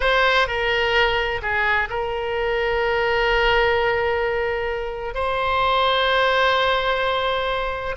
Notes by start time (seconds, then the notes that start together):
0.00 C5
0.47 A#4
1.41 G#4
1.89 A#4
5.14 C5